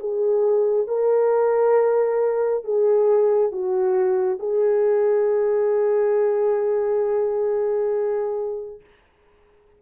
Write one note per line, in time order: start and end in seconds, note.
0.00 0.88 G#4
0.88 2.64 A#4
2.64 3.52 G#4
3.52 4.39 F#4
4.39 8.80 G#4